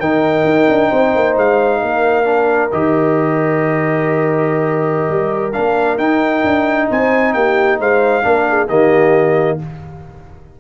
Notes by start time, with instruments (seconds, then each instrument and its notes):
0.00 tuba D#3, trombone D#4, horn A#4, trumpet G5
0.45 tuba D#4
0.69 tuba D4
0.90 tuba C4, horn C5
1.15 tuba A#3
1.37 tuba G#3, trumpet F5
1.82 tuba A#3, horn A#4
2.25 trombone D4
2.72 tuba D#3, trombone G4, trumpet D#5
5.09 tuba G3
5.53 tuba A#3, trombone D4, trumpet F5
5.98 tuba D#4, trombone D#4, trumpet G5
6.44 tuba D4
6.90 tuba C4, horn C5, trumpet G#5
7.34 tuba A#3, horn G4, trumpet G5
7.80 tuba G#3, horn C5, trumpet F5
8.23 tuba A#3, trombone D4, horn A#4
8.49 horn G#4
8.69 tuba D#3, trombone A#3, horn G4, trumpet D#5